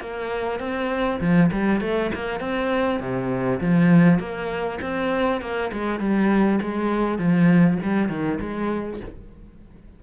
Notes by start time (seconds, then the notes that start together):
0.00 A#3
0.59 C4
1.20 F3
1.52 G3
1.80 A3
2.14 A#3
2.39 C4
3.00 C3
3.60 F3
4.19 A#3
4.81 C4
5.41 A#3
5.72 G#3
5.99 G3
6.61 G#3
7.18 F3
7.82 G3
8.08 D#3
8.40 G#3